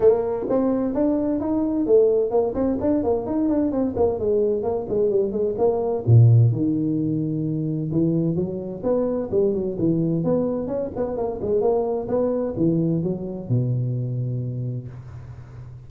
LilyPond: \new Staff \with { instrumentName = "tuba" } { \time 4/4 \tempo 4 = 129 ais4 c'4 d'4 dis'4 | a4 ais8 c'8 d'8 ais8 dis'8 d'8 | c'8 ais8 gis4 ais8 gis8 g8 gis8 | ais4 ais,4 dis2~ |
dis4 e4 fis4 b4 | g8 fis8 e4 b4 cis'8 b8 | ais8 gis8 ais4 b4 e4 | fis4 b,2. | }